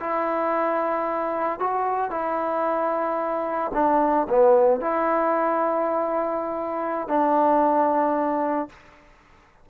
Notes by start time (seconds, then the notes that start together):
0.00 E4
1.59 F#4
2.10 E4
3.74 D4
4.29 B3
4.80 E4
7.08 D4